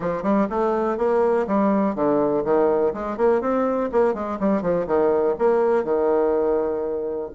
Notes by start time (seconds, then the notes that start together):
0.00 F3
0.22 G3
0.49 A3
0.97 A#3
1.47 G3
1.95 D3
2.44 D#3
2.93 G#3
3.17 A#3
3.41 C4
3.92 A#3
4.14 G#3
4.39 G3
4.61 F3
4.86 D#3
5.38 A#3
5.83 D#3